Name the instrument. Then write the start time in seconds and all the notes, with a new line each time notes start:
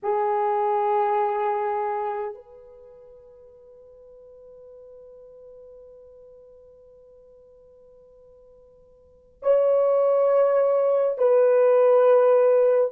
horn
0.02 G#4
2.34 B4
9.42 C#5
11.18 B4